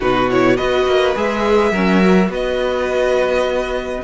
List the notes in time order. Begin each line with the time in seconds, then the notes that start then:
0.00 B2 D#4 F#4 B4
0.30 E4 C#5
0.56 B3 F#4 B4 D#5
0.86 A#3
1.15 G#3 G#4 E5
1.71 F#3 C#4 A#4
2.02 F#4
2.28 B3 B4 D#5